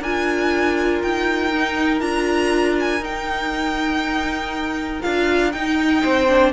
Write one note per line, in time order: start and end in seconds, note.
0.00 1.02 D4
0.00 1.53 F4
0.00 6.00 A#4
0.00 1.02 G#5
1.02 2.01 D#4
1.02 2.01 G5
1.53 2.00 D#4
2.00 3.00 D4
2.00 3.00 F4
2.00 2.76 A#5
2.80 3.04 G#5
3.00 5.00 D#4
3.00 5.02 D#4
3.00 5.02 G5
5.02 5.54 D4
5.02 5.52 F4
5.02 5.52 F5
5.52 6.04 D#4
5.52 6.28 D#4
5.52 6.52 G5
6.03 6.53 C4
6.03 6.53 C5
6.28 6.53 D4